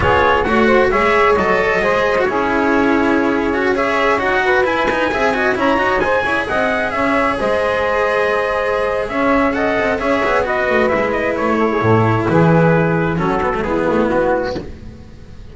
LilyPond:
<<
  \new Staff \with { instrumentName = "trumpet" } { \time 4/4 \tempo 4 = 132 cis''4 fis''4 e''4 dis''4~ | dis''4 cis''2.~ | cis''16 e''4 fis''4 gis''4.~ gis''16~ | gis''16 ais''4 gis''4 fis''4 e''8.~ |
e''16 dis''2.~ dis''8. | e''4 fis''4 e''4 dis''4 | e''8 dis''8 cis''2 b'4~ | b'4 a'4 gis'4 fis'4 | }
  \new Staff \with { instrumentName = "saxophone" } { \time 4/4 gis'4 cis''8 c''8 cis''2 | c''4 gis'2.~ | gis'16 cis''4. b'4. e''8 dis''16~ | dis''16 cis''4 c''8 cis''8 dis''4 cis''8.~ |
cis''16 c''2.~ c''8. | cis''4 dis''4 cis''4 b'4~ | b'4. a'16 gis'16 a'4 gis'4~ | gis'4 fis'4 e'2 | }
  \new Staff \with { instrumentName = "cello" } { \time 4/4 f'4 fis'4 gis'4 a'4 | gis'8. fis'16 e'2~ e'8. fis'16~ | fis'16 gis'4 fis'4 e'8 dis'8 gis'8 fis'16~ | fis'16 e'8 fis'8 gis'2~ gis'8.~ |
gis'1~ | gis'4 a'4 gis'4 fis'4 | e'1~ | e'4 cis'8 b16 a16 b2 | }
  \new Staff \with { instrumentName = "double bass" } { \time 4/4 b4 a4 gis4 fis4 | gis4 cis'2.~ | cis'4~ cis'16 dis'4 e'4 c'8.~ | c'16 cis'8 dis'4 e'8 c'4 cis'8.~ |
cis'16 gis2.~ gis8. | cis'4. c'8 cis'8 b4 a8 | gis4 a4 a,4 e4~ | e4 fis4 gis8 a8 b4 | }
>>